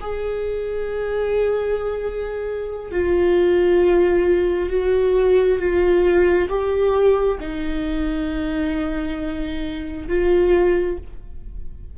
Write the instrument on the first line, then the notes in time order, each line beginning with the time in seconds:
viola
0.00 G#4
2.91 F4
4.69 F#4
5.58 F4
6.48 G4
7.40 D#4
10.07 F4